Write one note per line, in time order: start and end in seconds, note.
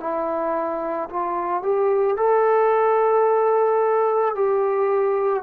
0.00 1.09 E4
1.10 1.63 F4
1.63 2.17 G4
2.17 4.35 A4
4.35 5.43 G4